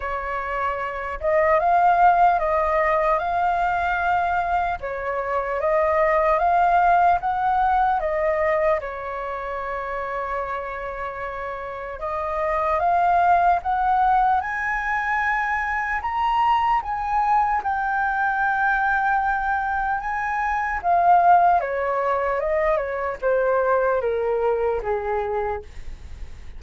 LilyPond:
\new Staff \with { instrumentName = "flute" } { \time 4/4 \tempo 4 = 75 cis''4. dis''8 f''4 dis''4 | f''2 cis''4 dis''4 | f''4 fis''4 dis''4 cis''4~ | cis''2. dis''4 |
f''4 fis''4 gis''2 | ais''4 gis''4 g''2~ | g''4 gis''4 f''4 cis''4 | dis''8 cis''8 c''4 ais'4 gis'4 | }